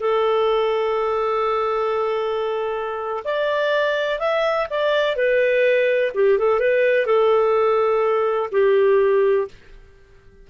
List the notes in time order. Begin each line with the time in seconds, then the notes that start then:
0.00 A4
3.24 D5
4.20 E5
4.70 D5
5.16 B4
6.15 G4
6.39 A4
6.60 B4
7.06 A4
8.52 G4